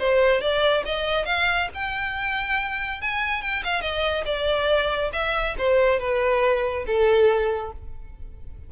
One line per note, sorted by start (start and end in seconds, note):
0.00 0.41 C5
0.41 0.84 D5
0.86 1.26 D#5
1.26 1.69 F5
1.75 3.02 G5
3.02 3.42 G#5
3.42 3.64 G5
3.64 3.82 F5
3.82 4.25 D#5
4.26 5.12 D5
5.13 5.56 E5
5.59 6.00 C5
6.00 6.86 B4
6.87 7.73 A4